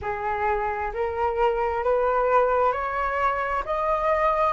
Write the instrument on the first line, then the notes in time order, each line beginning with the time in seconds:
flute
0.01 G#4
0.93 A#4
1.83 B4
2.72 C#5
3.65 D#5